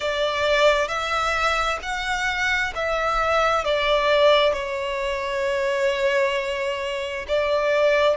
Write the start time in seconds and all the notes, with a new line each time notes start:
0.00 D5
0.88 E5
1.82 F#5
2.75 E5
3.64 D5
4.53 C#5
7.28 D5